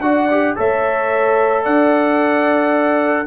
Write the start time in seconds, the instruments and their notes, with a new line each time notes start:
0.00 tuba D4, trombone F#4, horn D5, trumpet F#5
0.31 trombone G4
0.56 tuba A3, trombone A4, horn C#5, trumpet E5
1.64 tuba D4, horn D5, trumpet F#5